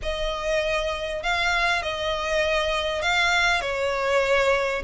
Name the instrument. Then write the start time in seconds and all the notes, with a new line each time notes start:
violin
0.02 D#5
1.22 F5
1.82 D#5
3.01 F5
3.61 C#5